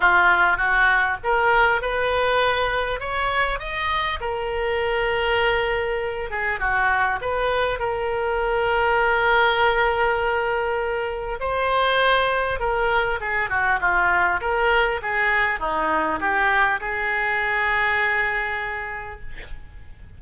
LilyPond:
\new Staff \with { instrumentName = "oboe" } { \time 4/4 \tempo 4 = 100 f'4 fis'4 ais'4 b'4~ | b'4 cis''4 dis''4 ais'4~ | ais'2~ ais'8 gis'8 fis'4 | b'4 ais'2.~ |
ais'2. c''4~ | c''4 ais'4 gis'8 fis'8 f'4 | ais'4 gis'4 dis'4 g'4 | gis'1 | }